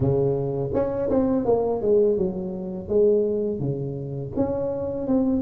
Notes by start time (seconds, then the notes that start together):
0.00 C#3
0.73 C#4
1.10 C4
1.45 A#3
1.81 G#3
2.17 F#3
2.88 G#3
3.59 C#3
4.35 C#4
5.07 C4